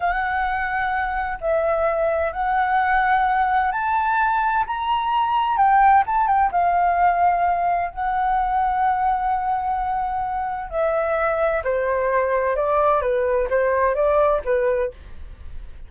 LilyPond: \new Staff \with { instrumentName = "flute" } { \time 4/4 \tempo 4 = 129 fis''2. e''4~ | e''4 fis''2. | a''2 ais''2 | g''4 a''8 g''8 f''2~ |
f''4 fis''2.~ | fis''2. e''4~ | e''4 c''2 d''4 | b'4 c''4 d''4 b'4 | }